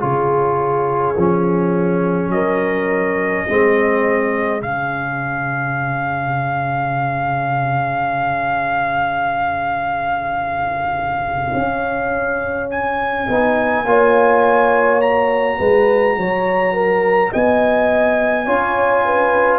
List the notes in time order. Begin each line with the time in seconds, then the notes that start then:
0.00 C#3 F4 G#4 C#5
1.17 F3 C#4
2.30 F#3 A#4 D#5
3.48 G#3 C4 G#4
4.62 C#3 C#4 F5
11.54 C#4
12.71 G#5
13.28 B3 D#4
13.85 A#3 F4 C#5
15.02 F#4 A#5
15.59 G#3 B4
16.17 F#3 C#5
16.73 A#4
17.32 B3 D#5 G#5
18.46 C#4 F4 C#5
19.05 B4